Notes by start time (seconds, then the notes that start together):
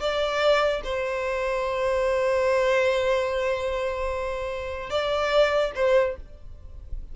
0.00 D5
0.84 C5
4.90 D5
5.75 C5